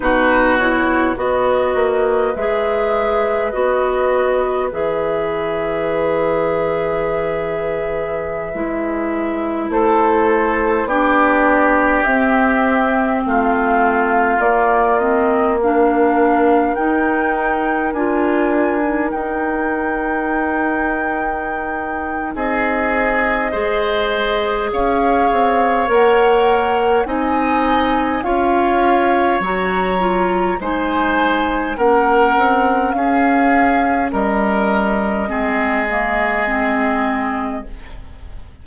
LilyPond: <<
  \new Staff \with { instrumentName = "flute" } { \time 4/4 \tempo 4 = 51 b'8 cis''8 dis''4 e''4 dis''4 | e''1~ | e''16 c''4 d''4 e''4 f''8.~ | f''16 d''8 dis''8 f''4 g''4 gis''8.~ |
gis''16 g''2~ g''8. dis''4~ | dis''4 f''4 fis''4 gis''4 | f''4 ais''4 gis''4 fis''4 | f''4 dis''2. | }
  \new Staff \with { instrumentName = "oboe" } { \time 4/4 fis'4 b'2.~ | b'1~ | b'16 a'4 g'2 f'8.~ | f'4~ f'16 ais'2~ ais'8.~ |
ais'2. gis'4 | c''4 cis''2 dis''4 | cis''2 c''4 ais'4 | gis'4 ais'4 gis'2 | }
  \new Staff \with { instrumentName = "clarinet" } { \time 4/4 dis'8 e'8 fis'4 gis'4 fis'4 | gis'2.~ gis'16 e'8.~ | e'4~ e'16 d'4 c'4.~ c'16~ | c'16 ais8 c'8 d'4 dis'4 f'8. |
dis'1 | gis'2 ais'4 dis'4 | f'4 fis'8 f'8 dis'4 cis'4~ | cis'2 c'8 ais8 c'4 | }
  \new Staff \with { instrumentName = "bassoon" } { \time 4/4 b,4 b8 ais8 gis4 b4 | e2.~ e16 gis8.~ | gis16 a4 b4 c'4 a8.~ | a16 ais2 dis'4 d'8.~ |
d'16 dis'2~ dis'8. c'4 | gis4 cis'8 c'8 ais4 c'4 | cis'4 fis4 gis4 ais8 c'8 | cis'4 g4 gis2 | }
>>